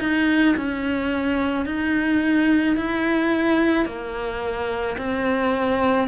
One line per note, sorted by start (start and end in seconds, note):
0.00 0.56 D#4
0.57 1.66 C#4
1.66 2.77 D#4
2.77 3.86 E4
3.86 4.97 A#3
4.98 6.09 C4